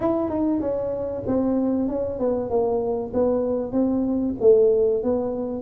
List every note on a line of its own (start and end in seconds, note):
0.00 0.29 E4
0.29 0.60 D#4
0.60 1.23 C#4
1.27 1.88 C4
1.88 2.19 C#4
2.19 2.49 B3
2.49 3.12 A#3
3.13 3.72 B3
3.72 4.34 C4
4.40 5.03 A3
5.03 5.62 B3